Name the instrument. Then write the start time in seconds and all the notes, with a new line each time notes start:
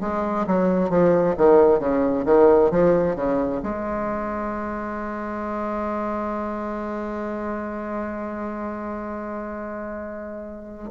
bassoon
0.00 G#3
0.46 F#3
0.89 F3
1.37 D#3
1.79 C#3
2.25 D#3
2.71 F3
3.15 C#3
3.63 G#3